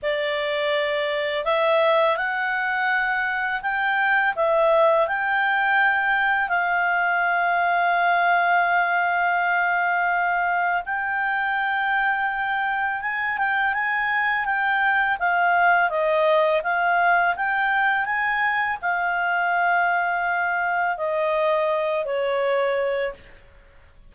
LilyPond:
\new Staff \with { instrumentName = "clarinet" } { \time 4/4 \tempo 4 = 83 d''2 e''4 fis''4~ | fis''4 g''4 e''4 g''4~ | g''4 f''2.~ | f''2. g''4~ |
g''2 gis''8 g''8 gis''4 | g''4 f''4 dis''4 f''4 | g''4 gis''4 f''2~ | f''4 dis''4. cis''4. | }